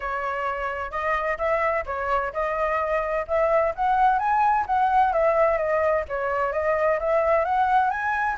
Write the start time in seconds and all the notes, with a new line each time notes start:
0.00 C#5
0.91 D#5
1.38 E5
1.86 C#5
2.33 D#5
3.27 E5
3.75 F#5
4.18 G#5
4.66 F#5
5.12 E5
5.57 D#5
6.08 C#5
6.52 D#5
6.99 E5
7.44 F#5
7.90 G#5